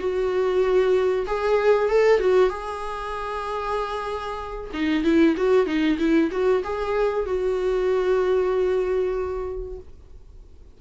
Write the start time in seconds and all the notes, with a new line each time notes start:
0.00 F#4
1.27 G#4
1.90 A4
2.20 F#4
2.50 G#4
4.74 D#4
5.04 E4
5.37 F#4
5.67 D#4
5.99 E4
6.32 F#4
6.64 G#4
7.26 F#4